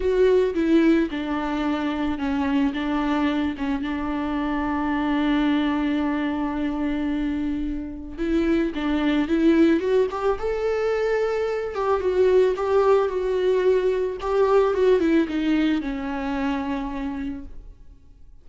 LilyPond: \new Staff \with { instrumentName = "viola" } { \time 4/4 \tempo 4 = 110 fis'4 e'4 d'2 | cis'4 d'4. cis'8 d'4~ | d'1~ | d'2. e'4 |
d'4 e'4 fis'8 g'8 a'4~ | a'4. g'8 fis'4 g'4 | fis'2 g'4 fis'8 e'8 | dis'4 cis'2. | }